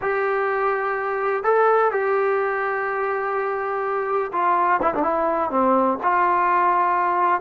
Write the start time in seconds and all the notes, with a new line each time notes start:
0.01 G4
1.43 A4
1.91 G4
4.32 F4
4.82 E4
4.94 D4
5.02 E4
5.50 C4
6.02 F4